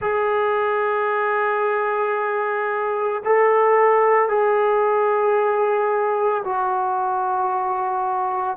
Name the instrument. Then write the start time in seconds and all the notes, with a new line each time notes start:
trombone
0.01 G#4
3.24 A4
4.29 G#4
6.44 F#4